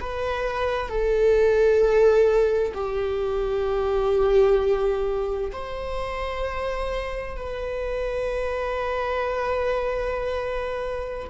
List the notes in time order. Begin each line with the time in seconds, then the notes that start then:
0.00 B4
0.88 A4
2.74 G4
5.52 C5
7.36 B4